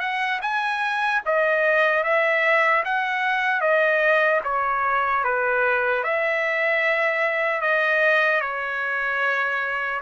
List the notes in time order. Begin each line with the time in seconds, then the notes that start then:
0.00 F#5
0.42 G#5
1.26 D#5
2.04 E5
2.85 F#5
3.61 D#5
4.45 C#5
5.25 B4
6.04 E5
7.61 D#5
8.41 C#5